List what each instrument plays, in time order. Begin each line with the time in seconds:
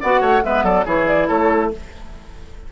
0.00 bassoon B3, clarinet F#4, oboe D5, flute F#5
0.21 bassoon A3, oboe C#5
0.43 bassoon G#3, clarinet B3, oboe B4, flute E5
0.63 bassoon F#3, oboe A4, flute D5
0.85 bassoon E3, clarinet E4, oboe G#4, flute C#5
1.07 flute D5
1.28 bassoon A3, oboe A4, flute C#5